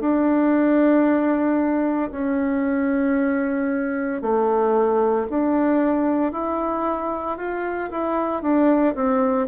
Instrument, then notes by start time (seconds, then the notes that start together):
bassoon
0.00 D4
2.11 C#4
4.22 A3
5.30 D4
6.32 E4
7.37 F4
7.90 E4
8.42 D4
8.95 C4